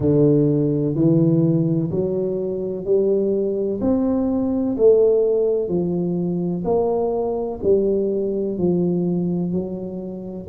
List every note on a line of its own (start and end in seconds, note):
0.00 0.95 D3
0.95 1.90 E3
1.90 2.84 F#3
2.84 3.80 G3
3.81 4.76 C4
4.77 5.68 A3
5.68 6.63 F3
6.64 7.59 A#3
7.63 8.58 G3
8.58 9.52 F3
9.52 10.47 F#3